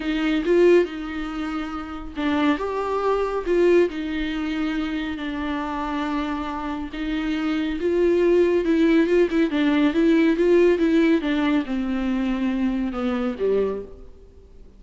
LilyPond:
\new Staff \with { instrumentName = "viola" } { \time 4/4 \tempo 4 = 139 dis'4 f'4 dis'2~ | dis'4 d'4 g'2 | f'4 dis'2. | d'1 |
dis'2 f'2 | e'4 f'8 e'8 d'4 e'4 | f'4 e'4 d'4 c'4~ | c'2 b4 g4 | }